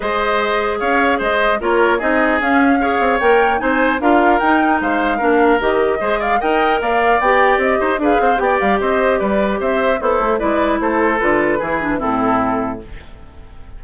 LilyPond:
<<
  \new Staff \with { instrumentName = "flute" } { \time 4/4 \tempo 4 = 150 dis''2 f''4 dis''4 | cis''4 dis''4 f''2 | g''4 gis''4 f''4 g''4 | f''2 dis''4. f''8 |
g''4 f''4 g''4 dis''4 | f''4 g''8 f''8 dis''4 d''4 | e''4 c''4 d''4 c''4 | b'2 a'2 | }
  \new Staff \with { instrumentName = "oboe" } { \time 4/4 c''2 cis''4 c''4 | ais'4 gis'2 cis''4~ | cis''4 c''4 ais'2 | c''4 ais'2 c''8 d''8 |
dis''4 d''2~ d''8 c''8 | b'8 c''8 d''4 c''4 b'4 | c''4 e'4 b'4 a'4~ | a'4 gis'4 e'2 | }
  \new Staff \with { instrumentName = "clarinet" } { \time 4/4 gis'1 | f'4 dis'4 cis'4 gis'4 | ais'4 dis'4 f'4 dis'4~ | dis'4 d'4 g'4 gis'4 |
ais'2 g'2 | gis'4 g'2.~ | g'4 a'4 e'2 | f'4 e'8 d'8 c'2 | }
  \new Staff \with { instrumentName = "bassoon" } { \time 4/4 gis2 cis'4 gis4 | ais4 c'4 cis'4. c'8 | ais4 c'4 d'4 dis'4 | gis4 ais4 dis4 gis4 |
dis'4 ais4 b4 c'8 dis'8 | d'8 c'8 b8 g8 c'4 g4 | c'4 b8 a8 gis4 a4 | d4 e4 a,2 | }
>>